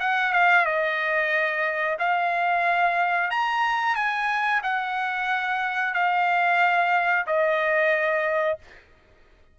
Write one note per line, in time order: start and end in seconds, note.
0.00 0.33 F#5
0.33 0.66 F5
0.66 1.98 D#5
1.99 3.31 F5
3.31 3.96 A#5
3.96 4.62 G#5
4.63 5.94 F#5
5.94 7.26 F5
7.27 8.59 D#5